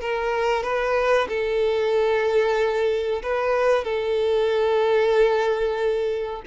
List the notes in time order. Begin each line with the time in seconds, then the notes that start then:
0.00 A#4
0.63 B4
1.28 A4
3.22 B4
3.84 A4